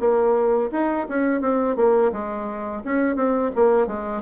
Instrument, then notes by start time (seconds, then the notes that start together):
bassoon
0.00 A#3
0.72 D#4
1.09 C#4
1.41 C4
1.77 A#3
2.13 G#3
2.85 C#4
3.16 C4
3.56 A#3
3.87 G#3